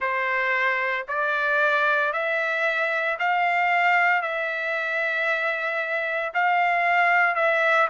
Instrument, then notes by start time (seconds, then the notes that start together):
trumpet
0.00 C5
1.08 D5
2.12 E5
3.19 F5
4.22 E5
6.33 F5
7.35 E5